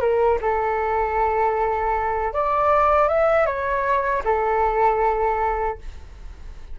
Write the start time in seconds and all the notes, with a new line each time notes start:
0.00 A#4
0.41 A4
2.33 D5
3.08 E5
3.46 C#5
4.24 A4